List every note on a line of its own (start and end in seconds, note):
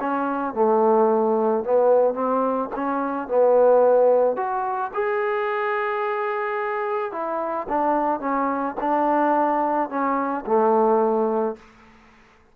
0.00 0.54 C#4
0.54 1.64 A3
1.64 2.14 B3
2.14 2.69 C4
2.76 3.28 C#4
3.28 4.36 B3
4.36 4.91 F#4
4.94 7.12 G#4
7.12 7.67 E4
7.69 8.20 D4
8.20 8.75 C#4
8.80 9.90 D4
9.90 10.45 C#4
10.46 11.56 A3